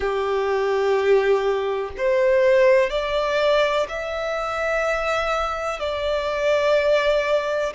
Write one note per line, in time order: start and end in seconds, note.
0.00 1.90 G4
1.97 2.89 C5
2.89 3.86 D5
3.88 5.79 E5
5.79 7.73 D5